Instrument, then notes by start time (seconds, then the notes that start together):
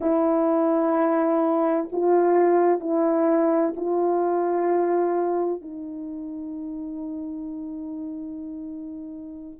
horn
0.00 E4
1.92 F4
2.80 E4
3.76 F4
5.61 D#4